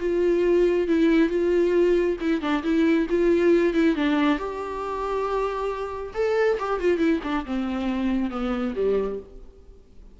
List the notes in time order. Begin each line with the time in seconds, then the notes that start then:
0.00 F4
0.87 E4
1.29 F4
2.20 E4
2.41 D4
2.63 E4
3.09 F4
3.73 E4
3.95 D4
4.38 G4
6.14 A4
6.59 G4
6.80 F4
6.98 E4
7.23 D4
7.46 C4
8.30 B3
8.75 G3